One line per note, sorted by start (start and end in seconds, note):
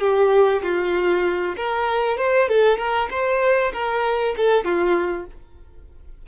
0.00 0.62 G4
0.62 1.55 F4
1.56 2.17 A#4
2.17 2.48 C5
2.48 2.77 A4
2.77 3.08 A#4
3.10 3.72 C5
3.73 4.34 A#4
4.37 4.64 A4
4.64 5.26 F4